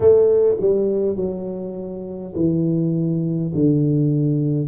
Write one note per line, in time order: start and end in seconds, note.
0.00 0.56 A3
0.59 1.16 G3
1.16 2.33 F#3
2.35 3.52 E3
3.54 4.68 D3